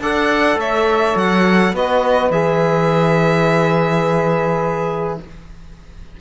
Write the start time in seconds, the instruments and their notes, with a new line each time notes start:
0.00 cello D4, trombone A4, saxophone D5, violin F#5
0.55 cello A3, saxophone C#5, violin E5
1.16 cello F#3, violin F#5
1.72 cello B3, trombone F#4, saxophone B4, violin D#5
2.30 cello E3, trombone G#4, violin E5